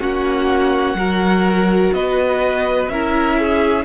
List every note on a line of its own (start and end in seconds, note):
0.00 0.94 A#3
0.00 0.97 C#4
0.00 0.97 F#4
0.00 1.94 F#5
0.94 1.91 F#3
0.94 2.91 F#4
0.94 1.94 A#4
1.93 2.88 B3
1.93 2.92 B4
1.93 2.88 D#5
2.88 3.85 C#4
2.88 3.85 E4
2.88 3.40 A#4
2.88 3.85 E5
3.40 3.85 G#4